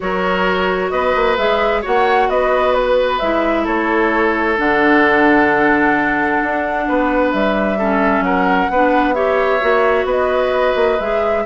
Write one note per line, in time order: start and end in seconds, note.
0.00 0.91 F#3
0.00 1.37 F#4
0.00 0.92 A#4
0.00 0.90 C#5
0.90 1.14 B3
0.90 1.81 B4
0.90 1.36 D#5
1.15 1.37 A#3
1.37 1.83 G#3
1.37 1.82 G#4
1.37 1.82 E5
1.81 2.28 A#3
1.81 3.20 F#4
1.81 2.27 C#5
1.81 2.29 F#5
2.28 3.20 B3
2.28 3.63 B4
2.28 2.74 D#5
2.74 3.19 B4
3.19 3.66 G#3
3.19 4.57 E4
3.19 3.65 E5
3.63 4.58 A3
3.63 6.84 A4
3.63 4.58 C#5
4.57 6.42 D3
4.57 7.77 D4
4.57 7.32 F#5
6.42 6.88 D4
6.88 7.33 B3
6.88 7.78 B4
7.32 8.20 G3
7.32 8.23 E5
7.78 8.71 C#4
7.78 8.24 A4
8.20 8.66 F#3
8.20 8.71 A#4
8.20 9.13 F#5
8.70 9.61 B3
8.70 9.14 D4
8.70 9.15 B4
9.13 9.60 G4
9.13 10.06 C#5
9.13 10.05 E5
9.61 10.04 A#3
9.61 10.98 F#4
10.04 10.73 B3
10.04 11.43 B4
10.04 11.00 D#5
10.75 10.98 A#3
10.99 11.45 G#3
10.99 11.45 G#4
10.99 11.45 E5